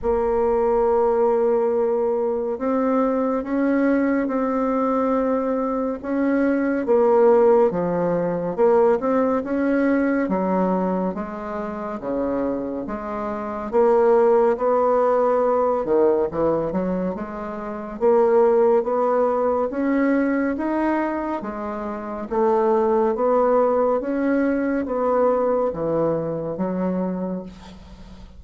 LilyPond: \new Staff \with { instrumentName = "bassoon" } { \time 4/4 \tempo 4 = 70 ais2. c'4 | cis'4 c'2 cis'4 | ais4 f4 ais8 c'8 cis'4 | fis4 gis4 cis4 gis4 |
ais4 b4. dis8 e8 fis8 | gis4 ais4 b4 cis'4 | dis'4 gis4 a4 b4 | cis'4 b4 e4 fis4 | }